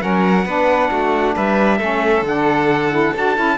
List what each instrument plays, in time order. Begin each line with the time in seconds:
0.00 cello F#3, saxophone C#4, violin A#4, trumpet F#5
0.45 cello B3, saxophone D4, violin B4
0.91 cello A3, violin F#4
1.36 cello G3, violin B4, trumpet E5
1.78 cello A3, saxophone C#4, violin A4
2.22 cello D3, saxophone D4, trumpet F#5
2.91 saxophone E4
3.16 cello D4, saxophone F#4, trumpet A5
3.35 cello C#4, saxophone E4